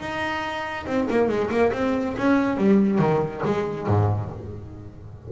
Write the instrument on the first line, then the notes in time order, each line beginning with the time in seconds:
double bass
0.00 D#4
0.86 C4
1.10 A#3
1.29 G#3
1.51 A#3
1.73 C4
2.17 C#4
2.58 G3
2.99 D#3
3.45 G#3
3.87 G#2